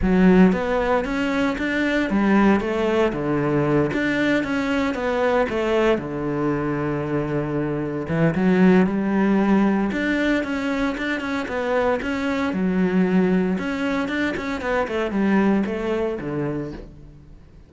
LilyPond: \new Staff \with { instrumentName = "cello" } { \time 4/4 \tempo 4 = 115 fis4 b4 cis'4 d'4 | g4 a4 d4. d'8~ | d'8 cis'4 b4 a4 d8~ | d2.~ d8 e8 |
fis4 g2 d'4 | cis'4 d'8 cis'8 b4 cis'4 | fis2 cis'4 d'8 cis'8 | b8 a8 g4 a4 d4 | }